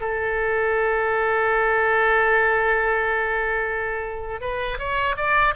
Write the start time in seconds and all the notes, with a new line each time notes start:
0.00 A4
4.40 B4
4.78 C#5
5.16 D5